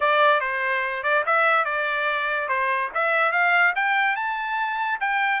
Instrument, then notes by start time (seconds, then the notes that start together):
trumpet
0.00 D5
0.40 C5
1.03 D5
1.26 E5
1.65 D5
2.48 C5
2.94 E5
3.32 F5
3.75 G5
4.16 A5
5.00 G5